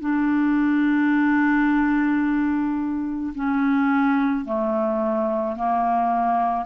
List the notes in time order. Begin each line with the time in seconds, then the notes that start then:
0.00 D4
3.35 C#4
4.45 A3
5.57 A#3